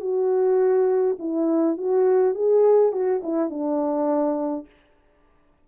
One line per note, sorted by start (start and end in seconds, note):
0.00 1.17 F#4
1.19 1.77 E4
1.77 2.34 F#4
2.34 2.92 G#4
2.92 3.21 F#4
3.23 3.49 E4
3.49 4.66 D4